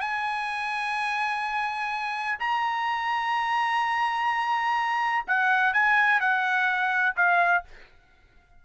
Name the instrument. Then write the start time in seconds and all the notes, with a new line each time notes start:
trumpet
0.00 G#5
2.39 A#5
5.27 F#5
5.73 G#5
6.20 F#5
7.16 F5